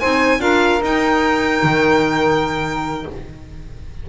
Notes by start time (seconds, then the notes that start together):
0.00 C4 D#4 C5 G#5
0.39 D4 F4 A#4 F5
0.81 D#4 G5
1.64 D#3